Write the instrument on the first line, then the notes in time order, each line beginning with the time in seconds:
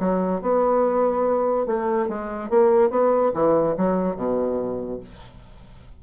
bassoon
0.00 F#3
0.42 B3
1.67 A3
2.09 G#3
2.50 A#3
2.90 B3
3.34 E3
3.78 F#3
4.16 B2